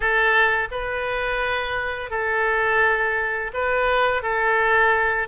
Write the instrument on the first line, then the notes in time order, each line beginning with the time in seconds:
oboe
0.00 A4
0.71 B4
2.10 A4
3.53 B4
4.22 A4